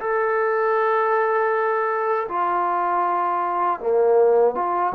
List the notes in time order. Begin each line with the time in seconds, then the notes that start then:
0.00 A4
2.29 F4
3.80 A#3
4.55 F4